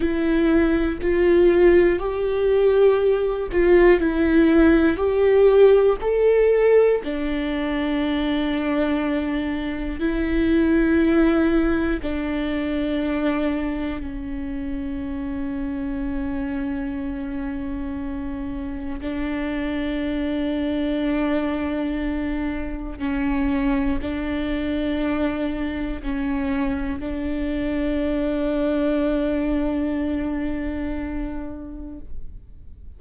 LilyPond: \new Staff \with { instrumentName = "viola" } { \time 4/4 \tempo 4 = 60 e'4 f'4 g'4. f'8 | e'4 g'4 a'4 d'4~ | d'2 e'2 | d'2 cis'2~ |
cis'2. d'4~ | d'2. cis'4 | d'2 cis'4 d'4~ | d'1 | }